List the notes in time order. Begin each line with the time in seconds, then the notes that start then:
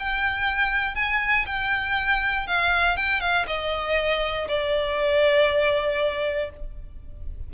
0.00 G5
0.95 G#5
1.47 G5
2.48 F5
2.97 G5
3.21 F5
3.47 D#5
4.49 D5